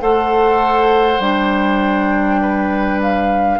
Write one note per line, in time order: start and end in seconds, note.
0.00 1.19 A3
0.00 1.20 A4
0.00 2.41 C5
0.00 1.21 F#5
1.19 3.59 G3
1.19 3.59 D4
1.19 3.00 G5
2.41 3.59 B4
3.01 3.59 F5